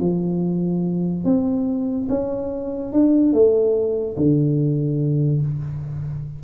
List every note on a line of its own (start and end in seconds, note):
0.00 1.25 F3
1.25 2.08 C4
2.09 2.93 C#4
2.93 3.33 D4
3.33 4.16 A3
4.17 5.42 D3